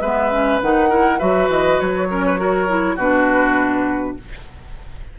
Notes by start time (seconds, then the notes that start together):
0.00 G#3 B3 B4 E5
0.31 C#4
0.61 D#3 D#4 F#5
0.89 E4 A#4
1.18 F#3 F#4 B4 E5
1.48 E3 D#5
1.79 F#3 C#5
2.10 C#4 A#4
2.25 B4
2.36 F#4 A#4
2.67 E4
2.95 B2 D4 F#4 B4